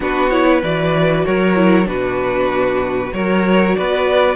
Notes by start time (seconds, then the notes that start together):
0.00 B3 D4 F#4 B4
0.30 E4 C#5
0.47 B4
0.62 E3 F#4 D5
1.24 F#3 A#4 C#5
1.55 E4
1.84 B2 D4 F#4 B4
3.12 F#3 F#4 A#4 C#5
3.75 B3 B4 D5